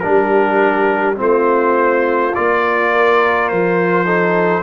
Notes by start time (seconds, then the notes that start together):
0.00 G3 D4 A#4
0.06 G4
1.17 A3 C4 F4 C5
2.35 A#3 F4 D5
2.92 A#4
3.48 F3 C5
4.05 D#4 A4